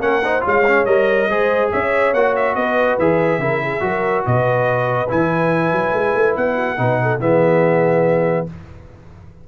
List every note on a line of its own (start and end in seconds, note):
0.00 0.42 A#3
0.00 0.22 C#4
0.00 0.23 A#4
0.00 0.43 F#5
0.23 0.40 D#4
0.23 0.44 C5
0.40 0.86 G#3
0.40 0.62 F4
0.40 1.28 C#5
0.47 0.85 F5
0.66 0.86 C#4
0.85 1.28 G3
0.85 1.29 A#4
0.85 1.70 D#5
1.28 1.71 G#3
1.28 2.15 G#4
1.28 1.71 C5
1.71 2.13 C#4
1.71 2.55 C#5
1.71 2.14 E5
2.13 2.55 A#3
2.13 3.00 F#4
2.13 2.35 F#5
2.36 2.55 E5
2.55 2.98 B3
2.55 3.41 B4
2.55 2.97 D#5
2.98 3.38 E3
2.98 3.40 G#4
2.98 4.25 E5
3.38 3.80 C#3
3.38 3.80 E4
3.38 3.61 A#4
3.61 3.83 G#4
3.80 4.23 F#3
3.80 5.07 F#4
3.80 4.25 A#4
4.25 5.11 B2
4.25 6.54 B4
4.25 5.10 D#5
5.09 5.72 E3
5.09 6.77 E4
5.09 6.36 G#5
5.72 5.92 F#3
5.92 6.14 G#3
6.14 6.35 A3
6.36 6.78 B3
6.36 7.21 F#5
6.54 6.75 F#4
6.77 7.20 B2
6.77 7.19 D#4
6.77 7.00 B4
7.02 7.21 A4
7.20 8.46 E3
7.20 8.46 B3
7.20 8.48 G#4
7.20 8.47 E5